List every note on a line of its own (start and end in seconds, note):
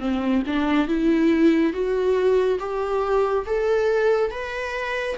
0.00 0.43 C4
0.47 0.88 D4
0.88 1.73 E4
1.73 2.59 F#4
2.59 3.45 G4
3.46 4.31 A4
4.31 5.17 B4